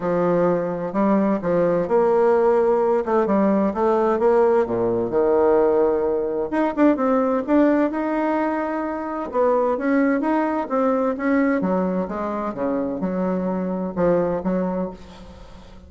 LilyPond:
\new Staff \with { instrumentName = "bassoon" } { \time 4/4 \tempo 4 = 129 f2 g4 f4 | ais2~ ais8 a8 g4 | a4 ais4 ais,4 dis4~ | dis2 dis'8 d'8 c'4 |
d'4 dis'2. | b4 cis'4 dis'4 c'4 | cis'4 fis4 gis4 cis4 | fis2 f4 fis4 | }